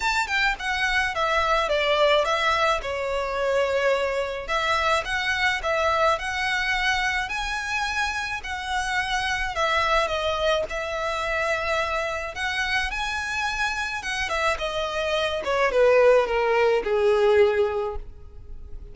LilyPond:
\new Staff \with { instrumentName = "violin" } { \time 4/4 \tempo 4 = 107 a''8 g''8 fis''4 e''4 d''4 | e''4 cis''2. | e''4 fis''4 e''4 fis''4~ | fis''4 gis''2 fis''4~ |
fis''4 e''4 dis''4 e''4~ | e''2 fis''4 gis''4~ | gis''4 fis''8 e''8 dis''4. cis''8 | b'4 ais'4 gis'2 | }